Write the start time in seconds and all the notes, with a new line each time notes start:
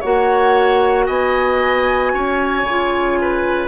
0.00 A#3 F#4 C#5 F#5
1.06 B3 D#5 G#5
2.13 C#4 C#5
2.62 C#3
2.69 F4
3.21 B4